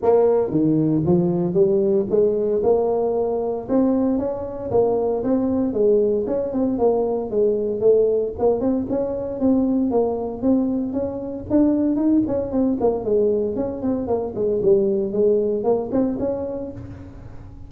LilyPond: \new Staff \with { instrumentName = "tuba" } { \time 4/4 \tempo 4 = 115 ais4 dis4 f4 g4 | gis4 ais2 c'4 | cis'4 ais4 c'4 gis4 | cis'8 c'8 ais4 gis4 a4 |
ais8 c'8 cis'4 c'4 ais4 | c'4 cis'4 d'4 dis'8 cis'8 | c'8 ais8 gis4 cis'8 c'8 ais8 gis8 | g4 gis4 ais8 c'8 cis'4 | }